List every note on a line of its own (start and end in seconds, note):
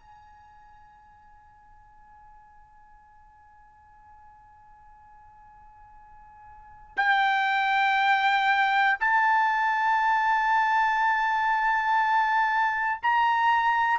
0.00 6.97 G#5
6.97 8.97 G5
9.00 13.00 A5
13.03 14.00 A#5